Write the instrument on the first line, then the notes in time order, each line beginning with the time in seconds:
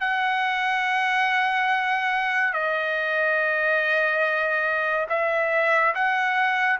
trumpet
0.00 F#5
2.53 D#5
5.09 E5
5.95 F#5